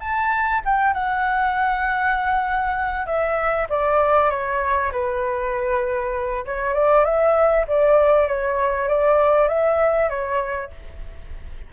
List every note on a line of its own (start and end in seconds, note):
0.00 0.61 A5
0.65 0.93 G5
0.93 3.06 F#5
3.06 3.67 E5
3.69 4.30 D5
4.30 4.91 C#5
4.92 6.45 B4
6.45 6.73 C#5
6.73 7.04 D5
7.04 7.66 E5
7.67 8.27 D5
8.27 8.88 C#5
8.88 9.48 D5
9.48 10.09 E5
10.09 10.71 C#5